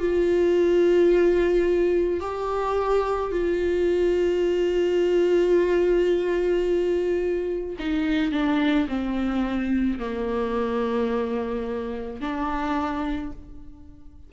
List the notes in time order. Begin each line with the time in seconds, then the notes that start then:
0.00 F4
2.21 G4
3.32 F4
7.79 D#4
8.32 D4
8.88 C4
9.99 A#3
12.21 D4